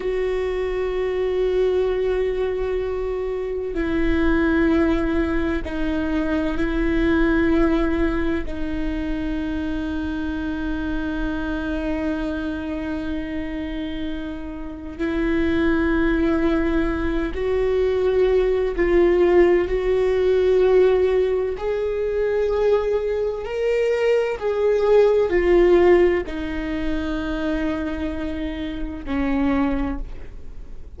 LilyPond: \new Staff \with { instrumentName = "viola" } { \time 4/4 \tempo 4 = 64 fis'1 | e'2 dis'4 e'4~ | e'4 dis'2.~ | dis'1 |
e'2~ e'8 fis'4. | f'4 fis'2 gis'4~ | gis'4 ais'4 gis'4 f'4 | dis'2. cis'4 | }